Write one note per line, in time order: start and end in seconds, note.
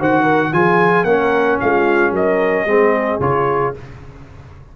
0.00 0.53 D#3
0.00 0.53 F#4
0.00 0.23 C5
0.00 0.54 F#5
0.23 0.50 A#4
0.53 1.04 F3
0.53 1.07 F4
0.53 1.08 G#4
0.53 1.05 G#5
1.04 1.58 A#3
1.04 2.68 C#4
1.04 1.62 A#4
1.04 1.58 F#5
1.61 2.12 G#3
1.61 2.13 F4
1.61 2.14 F5
2.12 2.66 F#3
2.12 2.67 A#4
2.12 3.21 D#5
2.66 3.19 G#3
2.66 3.21 C4
2.66 3.77 G#4
3.20 3.74 C#3
3.20 3.75 F4
3.20 3.75 C#5